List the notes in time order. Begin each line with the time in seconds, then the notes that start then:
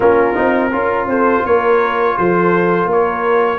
0.00 A#3 C#4 F4 A#4
0.34 C4 D#4
0.72 C#4 F4 A#4
1.06 C4 A4 C5
1.44 A#3 A#4 C#5
2.17 F3 A4 C5
2.85 A#3 A#4
2.92 C#5